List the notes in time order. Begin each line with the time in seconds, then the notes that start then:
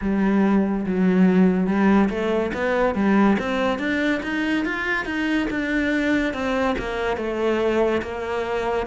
0.01 G3
0.86 F#3
1.66 G3
2.09 A3
2.53 B3
2.95 G3
3.38 C4
3.78 D4
4.23 D#4
4.65 F4
5.05 D#4
5.50 D4
6.33 C4
6.78 A#3
7.16 A3
8.01 A#3